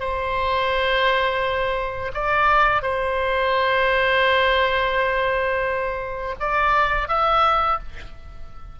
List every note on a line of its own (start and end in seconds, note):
0.00 2.12 C5
2.14 2.82 D5
2.82 6.35 C5
6.40 7.08 D5
7.08 7.79 E5